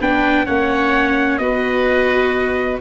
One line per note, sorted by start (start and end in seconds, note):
0.00 0.47 B3
0.00 0.46 D4
0.00 0.46 B4
0.00 0.46 G5
0.46 1.39 A#3
0.46 1.40 C#4
0.46 1.40 C#5
0.46 1.38 F#5
1.38 2.80 B3
1.38 2.80 F#4
1.38 2.80 B4
1.38 2.79 D#5